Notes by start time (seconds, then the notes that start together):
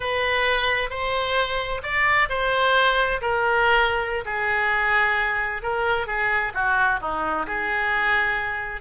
0.00 B4
0.90 C5
1.82 D5
2.29 C5
3.21 A#4
4.25 G#4
5.62 A#4
6.06 G#4
6.54 F#4
7.00 D#4
7.47 G#4